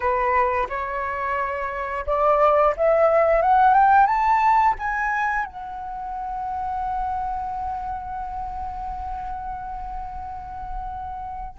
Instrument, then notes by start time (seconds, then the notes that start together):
flute
0.00 B4
0.68 C#5
2.06 D5
2.76 E5
3.42 F#5
3.74 G5
4.06 A5
4.79 G#5
5.45 F#5